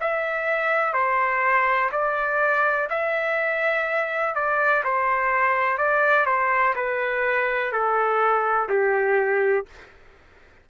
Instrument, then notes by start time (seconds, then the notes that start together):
trumpet
0.00 E5
0.93 C5
1.92 D5
2.90 E5
4.35 D5
4.84 C5
5.78 D5
6.26 C5
6.75 B4
7.72 A4
8.69 G4